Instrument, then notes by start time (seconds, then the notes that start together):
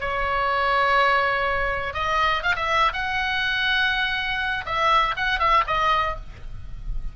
oboe
0.00 C#5
1.93 D#5
2.43 F5
2.55 E5
2.93 F#5
4.65 E5
5.16 F#5
5.39 E5
5.67 D#5